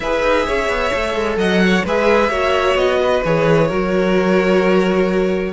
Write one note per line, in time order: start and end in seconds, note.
0.00 0.22 E4
0.00 0.91 G#4
0.00 0.46 B4
0.00 1.38 E5
0.22 0.45 D#4
0.46 0.68 C#4
0.46 1.38 C#5
0.68 0.91 B3
0.91 1.14 A3
0.91 1.84 A4
1.14 1.37 G#3
1.37 1.83 F#3
1.37 1.61 D#5
1.37 1.85 F#5
1.65 1.85 C#5
1.84 2.29 G#3
1.84 2.31 G#4
1.84 2.29 B4
1.84 2.76 E5
2.29 2.75 A#3
2.29 3.23 F#4
2.29 2.98 C#5
2.75 3.21 B3
2.75 3.22 D#5
3.01 3.67 B4
3.24 3.70 E3
3.24 3.69 G#4
3.24 5.53 C#5
3.67 5.53 F#3
3.67 5.53 F#4
3.67 5.52 A#4